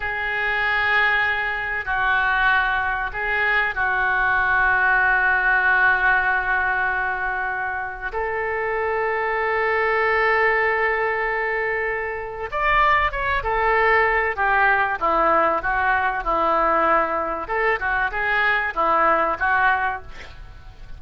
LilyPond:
\new Staff \with { instrumentName = "oboe" } { \time 4/4 \tempo 4 = 96 gis'2. fis'4~ | fis'4 gis'4 fis'2~ | fis'1~ | fis'4 a'2.~ |
a'1 | d''4 cis''8 a'4. g'4 | e'4 fis'4 e'2 | a'8 fis'8 gis'4 e'4 fis'4 | }